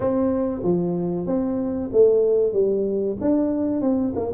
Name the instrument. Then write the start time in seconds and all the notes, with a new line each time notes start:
tuba
0.00 C4
0.63 F3
1.26 C4
1.92 A3
2.52 G3
3.20 D4
3.81 C4
4.15 A#3